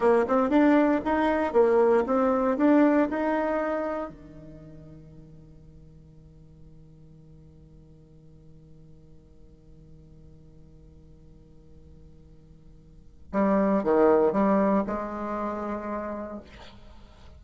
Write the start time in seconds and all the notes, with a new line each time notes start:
0.00 A#3
0.27 C4
0.49 D4
1.04 D#4
1.52 A#3
2.06 C4
2.57 D4
3.09 D#4
4.10 D#3
13.32 G3
13.83 D#3
14.32 G3
14.86 G#3